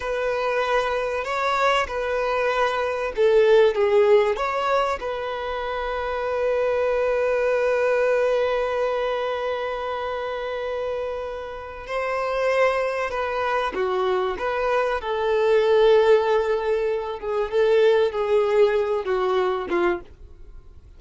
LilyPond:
\new Staff \with { instrumentName = "violin" } { \time 4/4 \tempo 4 = 96 b'2 cis''4 b'4~ | b'4 a'4 gis'4 cis''4 | b'1~ | b'1~ |
b'2. c''4~ | c''4 b'4 fis'4 b'4 | a'2.~ a'8 gis'8 | a'4 gis'4. fis'4 f'8 | }